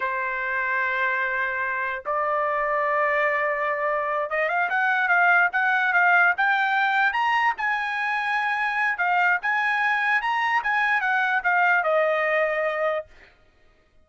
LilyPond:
\new Staff \with { instrumentName = "trumpet" } { \time 4/4 \tempo 4 = 147 c''1~ | c''4 d''2.~ | d''2~ d''8 dis''8 f''8 fis''8~ | fis''8 f''4 fis''4 f''4 g''8~ |
g''4. ais''4 gis''4.~ | gis''2 f''4 gis''4~ | gis''4 ais''4 gis''4 fis''4 | f''4 dis''2. | }